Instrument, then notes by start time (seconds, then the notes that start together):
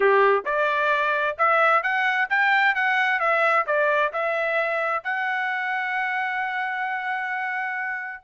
trumpet
0.00 G4
0.45 D5
1.38 E5
1.82 F#5
2.29 G5
2.74 F#5
3.19 E5
3.66 D5
4.12 E5
5.03 F#5